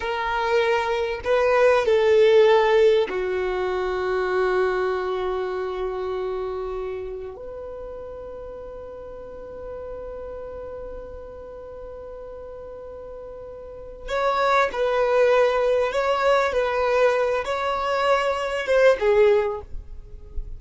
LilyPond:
\new Staff \with { instrumentName = "violin" } { \time 4/4 \tempo 4 = 98 ais'2 b'4 a'4~ | a'4 fis'2.~ | fis'1 | b'1~ |
b'1~ | b'2. cis''4 | b'2 cis''4 b'4~ | b'8 cis''2 c''8 gis'4 | }